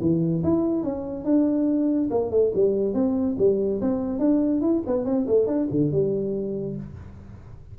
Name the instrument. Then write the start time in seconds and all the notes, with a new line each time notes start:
tuba
0.00 E3
0.43 E4
0.83 C#4
1.24 D4
2.10 A#3
2.30 A3
2.54 G3
2.93 C4
3.38 G3
3.80 C4
4.19 D4
4.61 E4
4.86 B3
5.05 C4
5.26 A3
5.46 D4
5.71 D3
5.91 G3